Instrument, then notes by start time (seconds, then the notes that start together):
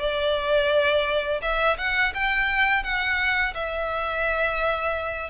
violin
0.00 D5
1.42 E5
1.78 F#5
2.15 G5
2.84 F#5
3.55 E5